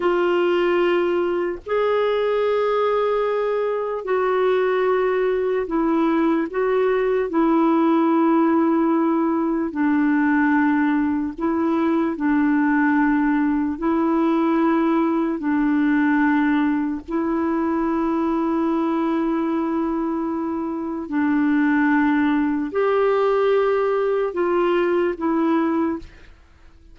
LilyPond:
\new Staff \with { instrumentName = "clarinet" } { \time 4/4 \tempo 4 = 74 f'2 gis'2~ | gis'4 fis'2 e'4 | fis'4 e'2. | d'2 e'4 d'4~ |
d'4 e'2 d'4~ | d'4 e'2.~ | e'2 d'2 | g'2 f'4 e'4 | }